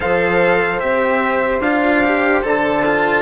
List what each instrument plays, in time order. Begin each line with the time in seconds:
0.00 bassoon F3, cello A4, horn C5, trumpet F5
0.79 bassoon C4, cello G4, trumpet E5
1.60 bassoon D4, cello F4, trumpet F5
2.04 cello G4
2.42 bassoon D3, cello A4, trumpet A5
2.85 cello F4